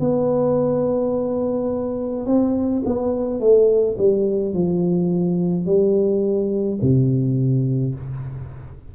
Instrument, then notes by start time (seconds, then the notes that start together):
tuba
0.00 B3
2.26 C4
2.85 B3
3.40 A3
3.98 G3
4.54 F3
5.66 G3
6.82 C3